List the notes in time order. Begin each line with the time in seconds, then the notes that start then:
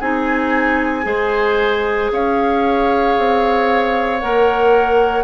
0.00 C4 D#4 G#4 G#5
1.03 G#3 G#4 C5
2.11 C#4 C#5 F5
3.18 C4
4.20 A#3 A#4 F#5